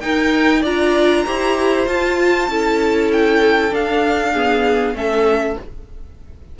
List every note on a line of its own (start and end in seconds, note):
0.00 0.64 D#4
0.00 0.61 A#4
0.00 0.62 G5
0.61 1.26 D4
0.61 1.26 F4
0.61 1.23 D5
0.61 1.87 A#5
1.26 1.87 E4
1.26 1.86 G4
1.26 2.49 C5
1.86 2.48 F4
1.86 3.11 A5
2.48 3.71 C#4
2.48 3.70 E4
2.48 4.32 A4
3.12 3.74 G5
3.70 4.32 D4
3.70 4.94 D4
3.70 4.96 F5
4.32 4.95 B3
4.32 4.94 G#4
4.94 5.56 A3
4.94 5.57 C#4
4.94 5.59 A4
4.94 5.58 E5